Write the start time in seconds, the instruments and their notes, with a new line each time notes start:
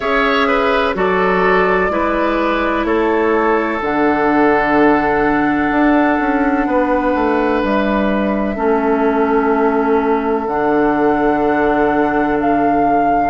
0.00 bassoon C#4, clarinet G#4, oboe C#5, flute E5
0.47 oboe B4
0.94 bassoon F#3, clarinet F#4, oboe A4, flute D5
1.89 bassoon G#3, clarinet E4, oboe B4
2.84 bassoon A3, oboe A4, flute C#5
3.81 bassoon D3, clarinet D4, flute F#5
5.70 bassoon D4
6.20 bassoon C#4
6.66 bassoon B3, oboe B4
7.14 bassoon A3
7.63 bassoon G3, flute E5
8.55 bassoon A3, clarinet C#4, oboe A4
10.46 bassoon D3, clarinet D4, flute F#5
12.39 flute F5